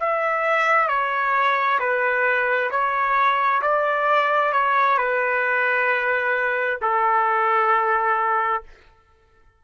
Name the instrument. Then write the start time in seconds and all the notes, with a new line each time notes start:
trumpet
0.00 E5
0.88 C#5
1.79 B4
2.71 C#5
3.62 D5
4.52 C#5
4.98 B4
6.81 A4